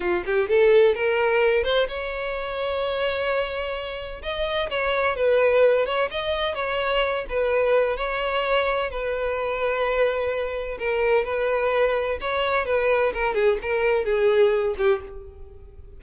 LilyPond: \new Staff \with { instrumentName = "violin" } { \time 4/4 \tempo 4 = 128 f'8 g'8 a'4 ais'4. c''8 | cis''1~ | cis''4 dis''4 cis''4 b'4~ | b'8 cis''8 dis''4 cis''4. b'8~ |
b'4 cis''2 b'4~ | b'2. ais'4 | b'2 cis''4 b'4 | ais'8 gis'8 ais'4 gis'4. g'8 | }